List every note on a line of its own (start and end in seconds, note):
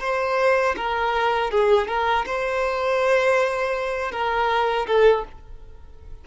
0.00 0.75 C5
0.76 1.51 A#4
1.51 1.88 G#4
1.88 2.25 A#4
2.26 4.11 C5
4.11 4.86 A#4
4.87 5.24 A4